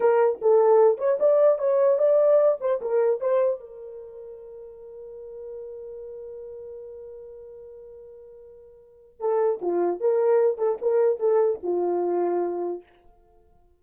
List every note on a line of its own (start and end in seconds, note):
0.00 0.39 A#4
0.41 0.98 A4
0.98 1.18 C#5
1.19 1.58 D5
1.58 1.98 C#5
1.98 2.58 D5
2.60 2.80 C5
2.81 3.20 A#4
3.20 3.60 C5
3.60 9.20 A#4
9.20 9.60 A4
9.61 10.00 F4
10.00 10.57 A#4
10.57 10.77 A4
10.81 11.19 A#4
11.19 11.59 A4
11.63 12.83 F4